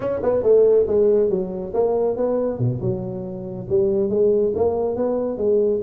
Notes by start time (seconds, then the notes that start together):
0.00 C#4
0.22 B3
0.42 A3
0.87 G#3
1.29 F#3
1.73 A#3
2.16 B3
2.59 B2
2.80 F#3
3.69 G3
4.09 G#3
4.55 A#3
4.95 B3
5.37 G#3